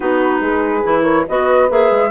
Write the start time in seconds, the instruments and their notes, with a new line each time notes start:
0.00 bassoon B3, clarinet D#4, horn F#4, flute B4
0.41 bassoon G#3, horn G#4
0.83 bassoon E3, clarinet E4
1.03 horn A#4, flute C#5
1.27 bassoon B3, clarinet F#4, horn B4, flute D#5
1.69 bassoon A#3, clarinet G#4, flute E5
1.90 bassoon G#3